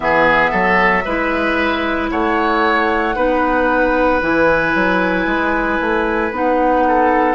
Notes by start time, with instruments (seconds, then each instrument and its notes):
0.00 bassoon E3, clarinet B3, oboe G#4, flute E5
0.50 bassoon F#3, oboe A4
1.04 bassoon G#3, clarinet E4, oboe B4
2.10 bassoon A3, oboe C#5, flute F#5
3.15 bassoon B3, clarinet D#4, oboe B4
4.21 bassoon E3, clarinet E4, flute G#5
4.74 bassoon F#3
5.26 bassoon G#3
5.80 bassoon A3
6.31 bassoon B3, clarinet D#4, flute F#5
6.87 oboe A4